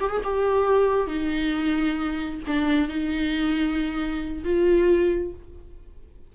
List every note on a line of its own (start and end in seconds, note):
0.00 0.11 G4
0.11 0.22 G#4
0.24 1.07 G4
1.07 2.41 D#4
2.47 2.88 D4
2.88 4.44 D#4
4.44 5.33 F4